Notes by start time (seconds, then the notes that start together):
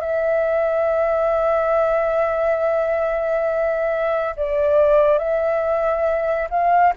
0.00 E5
4.36 D5
5.18 E5
6.49 F5